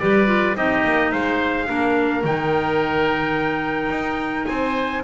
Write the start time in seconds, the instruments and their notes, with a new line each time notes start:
0.00 double bass G3, clarinet G4, oboe B4, trumpet D5
0.27 clarinet F4
0.55 double bass C4, clarinet D#4, oboe G4, trumpet D#5
0.85 double bass A#3
1.12 double bass G#3, oboe C5, trumpet F5
1.67 double bass A#3, clarinet D4, oboe A#4
2.24 double bass D#3, clarinet D#4, trumpet G5
3.90 double bass D#4
4.46 double bass C4, oboe C5, trumpet G#5